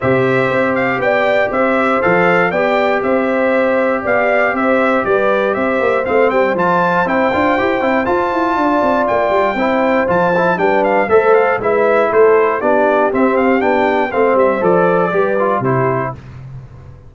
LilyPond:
<<
  \new Staff \with { instrumentName = "trumpet" } { \time 4/4 \tempo 4 = 119 e''4. f''8 g''4 e''4 | f''4 g''4 e''2 | f''4 e''4 d''4 e''4 | f''8 g''8 a''4 g''2 |
a''2 g''2 | a''4 g''8 f''8 e''8 f''8 e''4 | c''4 d''4 e''8 f''8 g''4 | f''8 e''8 d''2 c''4 | }
  \new Staff \with { instrumentName = "horn" } { \time 4/4 c''2 d''4 c''4~ | c''4 d''4 c''2 | d''4 c''4 b'4 c''4~ | c''1~ |
c''4 d''2 c''4~ | c''4 b'4 c''4 b'4 | a'4 g'2. | c''2 b'4 g'4 | }
  \new Staff \with { instrumentName = "trombone" } { \time 4/4 g'1 | a'4 g'2.~ | g'1 | c'4 f'4 e'8 f'8 g'8 e'8 |
f'2. e'4 | f'8 e'8 d'4 a'4 e'4~ | e'4 d'4 c'4 d'4 | c'4 a'4 g'8 f'8 e'4 | }
  \new Staff \with { instrumentName = "tuba" } { \time 4/4 c4 c'4 b4 c'4 | f4 b4 c'2 | b4 c'4 g4 c'8 ais8 | a8 g8 f4 c'8 d'8 e'8 c'8 |
f'8 e'8 d'8 c'8 ais8 g8 c'4 | f4 g4 a4 gis4 | a4 b4 c'4 b4 | a8 g8 f4 g4 c4 | }
>>